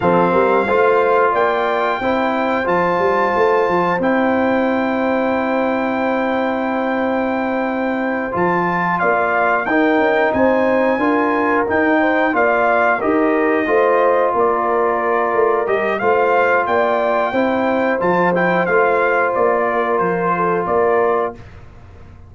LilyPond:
<<
  \new Staff \with { instrumentName = "trumpet" } { \time 4/4 \tempo 4 = 90 f''2 g''2 | a''2 g''2~ | g''1~ | g''8 a''4 f''4 g''4 gis''8~ |
gis''4. g''4 f''4 dis''8~ | dis''4. d''2 dis''8 | f''4 g''2 a''8 g''8 | f''4 d''4 c''4 d''4 | }
  \new Staff \with { instrumentName = "horn" } { \time 4/4 a'8 ais'8 c''4 d''4 c''4~ | c''1~ | c''1~ | c''4. d''4 ais'4 c''8~ |
c''8 ais'4. c''8 d''4 ais'8~ | ais'8 c''4 ais'2~ ais'8 | c''4 d''4 c''2~ | c''4. ais'4 a'8 ais'4 | }
  \new Staff \with { instrumentName = "trombone" } { \time 4/4 c'4 f'2 e'4 | f'2 e'2~ | e'1~ | e'8 f'2 dis'4.~ |
dis'8 f'4 dis'4 f'4 g'8~ | g'8 f'2. g'8 | f'2 e'4 f'8 e'8 | f'1 | }
  \new Staff \with { instrumentName = "tuba" } { \time 4/4 f8 g8 a4 ais4 c'4 | f8 g8 a8 f8 c'2~ | c'1~ | c'8 f4 ais4 dis'8 cis'8 c'8~ |
c'8 d'4 dis'4 ais4 dis'8~ | dis'8 a4 ais4. a8 g8 | a4 ais4 c'4 f4 | a4 ais4 f4 ais4 | }
>>